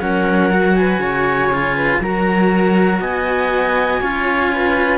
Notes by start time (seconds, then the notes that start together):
0.00 F#3 C#4 A#4 F#5
0.50 F#4
0.75 B4 G#5
0.98 C#3 C#5
1.52 F4
1.74 B4
2.00 F#3 F#4 A#4 A#5
3.01 B3 D#5 G#5
4.00 C#4 F4 C#5
4.52 B4